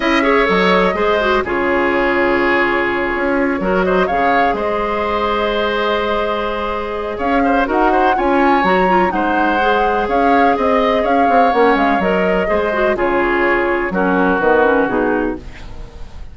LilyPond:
<<
  \new Staff \with { instrumentName = "flute" } { \time 4/4 \tempo 4 = 125 e''4 dis''2 cis''4~ | cis''1 | dis''8 f''4 dis''2~ dis''8~ | dis''2. f''4 |
fis''4 gis''4 ais''4 fis''4~ | fis''4 f''4 dis''4 f''4 | fis''8 f''8 dis''2 cis''4~ | cis''4 ais'4 b'4 gis'4 | }
  \new Staff \with { instrumentName = "oboe" } { \time 4/4 dis''8 cis''4. c''4 gis'4~ | gis'2.~ gis'8 ais'8 | c''8 cis''4 c''2~ c''8~ | c''2. cis''8 c''8 |
ais'8 c''8 cis''2 c''4~ | c''4 cis''4 dis''4 cis''4~ | cis''2 c''4 gis'4~ | gis'4 fis'2. | }
  \new Staff \with { instrumentName = "clarinet" } { \time 4/4 e'8 gis'8 a'4 gis'8 fis'8 f'4~ | f'2.~ f'8 fis'8~ | fis'8 gis'2.~ gis'8~ | gis'1 |
fis'4 f'4 fis'8 f'8 dis'4 | gis'1 | cis'4 ais'4 gis'8 fis'8 f'4~ | f'4 cis'4 b8 cis'8 dis'4 | }
  \new Staff \with { instrumentName = "bassoon" } { \time 4/4 cis'4 fis4 gis4 cis4~ | cis2~ cis8 cis'4 fis8~ | fis8 cis4 gis2~ gis8~ | gis2. cis'4 |
dis'4 cis'4 fis4 gis4~ | gis4 cis'4 c'4 cis'8 c'8 | ais8 gis8 fis4 gis4 cis4~ | cis4 fis4 dis4 b,4 | }
>>